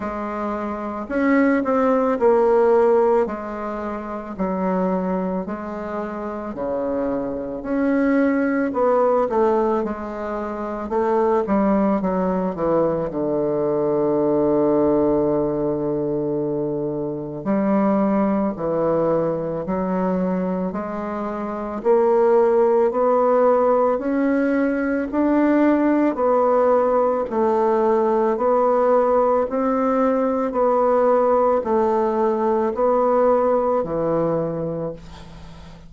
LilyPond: \new Staff \with { instrumentName = "bassoon" } { \time 4/4 \tempo 4 = 55 gis4 cis'8 c'8 ais4 gis4 | fis4 gis4 cis4 cis'4 | b8 a8 gis4 a8 g8 fis8 e8 | d1 |
g4 e4 fis4 gis4 | ais4 b4 cis'4 d'4 | b4 a4 b4 c'4 | b4 a4 b4 e4 | }